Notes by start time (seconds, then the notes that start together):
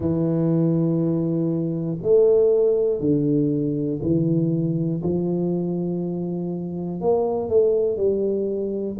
0.00 E3
2.02 A3
3.00 D3
4.01 E3
5.02 F3
7.00 A#3
7.49 A3
7.96 G3